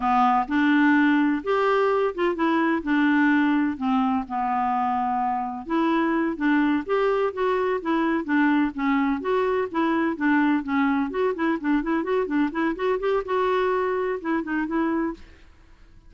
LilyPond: \new Staff \with { instrumentName = "clarinet" } { \time 4/4 \tempo 4 = 127 b4 d'2 g'4~ | g'8 f'8 e'4 d'2 | c'4 b2. | e'4. d'4 g'4 fis'8~ |
fis'8 e'4 d'4 cis'4 fis'8~ | fis'8 e'4 d'4 cis'4 fis'8 | e'8 d'8 e'8 fis'8 d'8 e'8 fis'8 g'8 | fis'2 e'8 dis'8 e'4 | }